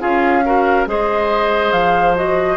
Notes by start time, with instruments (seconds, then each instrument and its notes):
0.00 bassoon C#4, clarinet F4, oboe G#4, flute F5
0.45 clarinet F#4, oboe A#4
0.86 bassoon G#3, clarinet G#4, oboe C5, flute D#5
1.72 bassoon F3, flute F5
2.16 clarinet F#4, flute D#5